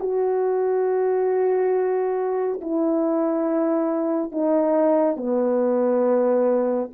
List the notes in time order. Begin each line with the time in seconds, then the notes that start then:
0.00 F#4
2.62 E4
4.32 D#4
5.17 B3